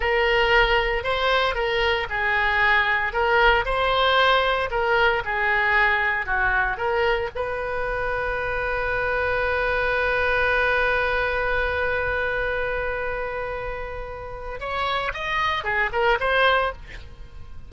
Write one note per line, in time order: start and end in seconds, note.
0.00 1.03 A#4
1.03 1.54 C5
1.54 2.07 A#4
2.09 3.12 G#4
3.12 3.65 A#4
3.65 4.69 C5
4.70 5.22 A#4
5.24 6.26 G#4
6.26 6.77 F#4
6.77 7.29 A#4
7.35 14.59 B4
14.59 15.12 C#5
15.13 15.64 D#5
15.64 15.90 G#4
15.92 16.18 A#4
16.20 16.72 C5